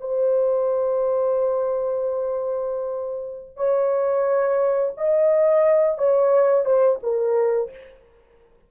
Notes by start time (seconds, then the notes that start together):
0.00 C5
3.56 C#5
4.97 D#5
5.98 C#5
6.65 C5
7.03 A#4